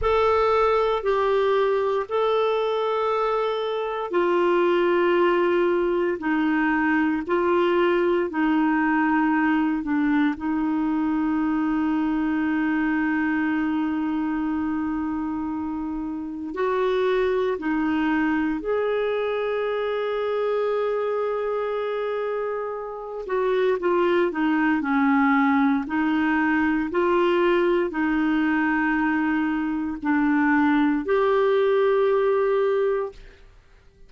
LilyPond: \new Staff \with { instrumentName = "clarinet" } { \time 4/4 \tempo 4 = 58 a'4 g'4 a'2 | f'2 dis'4 f'4 | dis'4. d'8 dis'2~ | dis'1 |
fis'4 dis'4 gis'2~ | gis'2~ gis'8 fis'8 f'8 dis'8 | cis'4 dis'4 f'4 dis'4~ | dis'4 d'4 g'2 | }